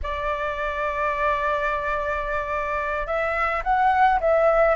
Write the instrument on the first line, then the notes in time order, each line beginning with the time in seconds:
flute
0.02 D5
3.06 E5
3.63 F#5
4.20 E5